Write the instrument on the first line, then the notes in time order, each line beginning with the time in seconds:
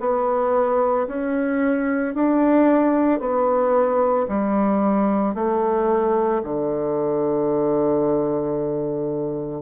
bassoon
0.00 B3
1.08 C#4
2.15 D4
3.20 B3
4.29 G3
5.35 A3
6.44 D3